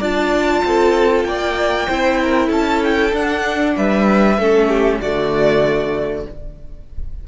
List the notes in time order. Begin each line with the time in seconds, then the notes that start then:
0.00 D4 F4 D5 A5
0.65 C4 A4
1.24 A#3 D5 G5
1.88 C4 E4 C5
2.23 A#4
2.48 C#4 A4 A5
2.84 G5
3.13 D4 F#5
3.77 G3 B4 E5
4.38 A3 C#4 A4
4.69 G4
5.01 D3 A3 F#4 D5